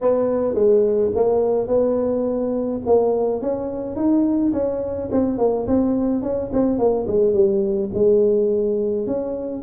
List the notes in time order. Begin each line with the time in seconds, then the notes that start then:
0.01 B3
0.54 G#3
1.15 A#3
1.67 B3
2.86 A#3
3.41 C#4
3.95 D#4
4.52 C#4
5.11 C4
5.38 A#3
5.67 C4
6.22 C#4
6.52 C4
6.78 A#3
7.07 G#3
7.33 G3
7.93 G#3
9.06 C#4